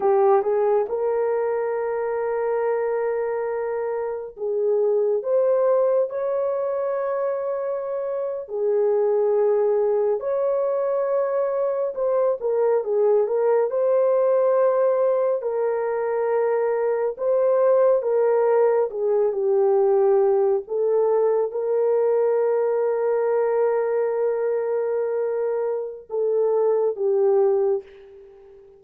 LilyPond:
\new Staff \with { instrumentName = "horn" } { \time 4/4 \tempo 4 = 69 g'8 gis'8 ais'2.~ | ais'4 gis'4 c''4 cis''4~ | cis''4.~ cis''16 gis'2 cis''16~ | cis''4.~ cis''16 c''8 ais'8 gis'8 ais'8 c''16~ |
c''4.~ c''16 ais'2 c''16~ | c''8. ais'4 gis'8 g'4. a'16~ | a'8. ais'2.~ ais'16~ | ais'2 a'4 g'4 | }